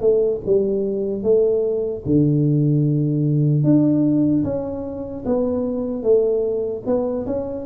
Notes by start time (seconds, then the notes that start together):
0.00 A3
0.45 G3
1.22 A3
2.05 D3
3.63 D4
4.44 C#4
5.25 B3
6.02 A3
6.86 B3
7.26 C#4